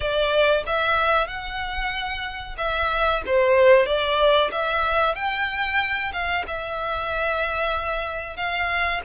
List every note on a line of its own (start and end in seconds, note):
0.00 0.63 D5
0.66 1.27 E5
1.27 2.56 F#5
2.57 3.22 E5
3.26 3.86 C5
3.86 4.50 D5
4.51 5.15 E5
5.15 6.11 G5
6.12 6.45 F5
6.47 8.36 E5
8.36 9.01 F5